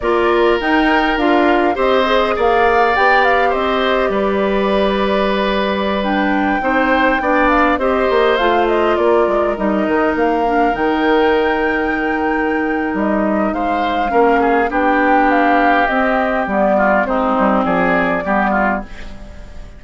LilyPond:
<<
  \new Staff \with { instrumentName = "flute" } { \time 4/4 \tempo 4 = 102 d''4 g''4 f''4 dis''4 | f''4 g''8 f''8 dis''4 d''4~ | d''2~ d''16 g''4.~ g''16~ | g''8. f''8 dis''4 f''8 dis''8 d''8.~ |
d''16 dis''4 f''4 g''4.~ g''16~ | g''2 dis''4 f''4~ | f''4 g''4 f''4 dis''4 | d''4 c''4 d''2 | }
  \new Staff \with { instrumentName = "oboe" } { \time 4/4 ais'2. c''4 | d''2 c''4 b'4~ | b'2.~ b'16 c''8.~ | c''16 d''4 c''2 ais'8.~ |
ais'1~ | ais'2. c''4 | ais'8 gis'8 g'2.~ | g'8 f'8 dis'4 gis'4 g'8 f'8 | }
  \new Staff \with { instrumentName = "clarinet" } { \time 4/4 f'4 dis'4 f'4 g'8 gis'8~ | gis'4 g'2.~ | g'2~ g'16 d'4 dis'8.~ | dis'16 d'4 g'4 f'4.~ f'16~ |
f'16 dis'4. d'8 dis'4.~ dis'16~ | dis'1 | cis'4 d'2 c'4 | b4 c'2 b4 | }
  \new Staff \with { instrumentName = "bassoon" } { \time 4/4 ais4 dis'4 d'4 c'4 | ais4 b4 c'4 g4~ | g2.~ g16 c'8.~ | c'16 b4 c'8 ais8 a4 ais8 gis16~ |
gis16 g8 dis8 ais4 dis4.~ dis16~ | dis2 g4 gis4 | ais4 b2 c'4 | g4 gis8 g8 f4 g4 | }
>>